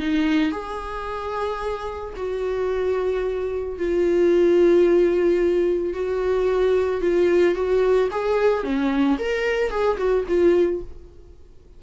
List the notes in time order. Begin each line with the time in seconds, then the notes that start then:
0.00 D#4
0.52 G#4
2.17 F#4
3.79 F4
5.94 F#4
7.02 F4
7.55 F#4
8.12 G#4
8.64 C#4
9.19 A#4
9.71 G#4
9.98 F#4
10.29 F4